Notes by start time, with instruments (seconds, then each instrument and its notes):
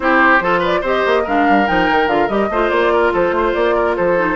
0.00 bassoon C4, clarinet E4, oboe G4, flute C5
0.40 bassoon F3, clarinet F4, oboe A4
0.59 oboe B4, flute D5
0.81 bassoon C4, clarinet G4, oboe C5, flute D#5
1.05 bassoon A#3
1.24 bassoon G#3, clarinet D4, oboe A#4, flute F5
1.48 bassoon G3
1.66 bassoon F3, clarinet D#4, flute G5
1.90 bassoon D#3
2.07 bassoon D3, clarinet F4, flute F5
2.28 bassoon G3, clarinet G4, flute D#5
2.49 bassoon A3, clarinet F4, oboe C5
2.69 bassoon A#3, flute D5
2.93 oboe A#4
3.13 bassoon F3, oboe A4, flute C5
3.31 bassoon A3
3.37 oboe C5
3.53 bassoon A#3, flute D5
3.75 oboe A#4
3.96 bassoon F3, oboe A4, flute C5
4.17 clarinet D#4